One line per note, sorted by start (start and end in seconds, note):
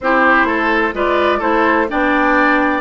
0.00 0.44 C4
0.00 0.93 E4
0.00 0.47 G4
0.00 0.95 C5
0.44 0.91 A3
0.44 0.94 A4
0.93 1.41 G#3
0.93 1.40 F4
0.93 1.38 B4
0.93 1.41 D5
1.38 1.89 A3
1.38 1.87 E4
1.38 1.86 A4
1.38 1.88 C5
1.88 2.81 B3
1.88 2.81 D4
1.88 2.81 D5
1.88 2.81 G5